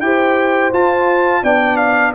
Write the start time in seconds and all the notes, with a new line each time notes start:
0.00 E4 G4 C5 G5
0.73 F4 A5
1.42 B3 D4 D5 G5
1.76 F5